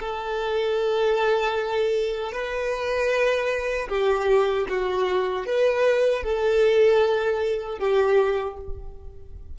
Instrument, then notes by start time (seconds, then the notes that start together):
violin
0.00 A4
2.33 B4
3.89 G4
4.69 F#4
5.46 B4
6.23 A4
7.79 G4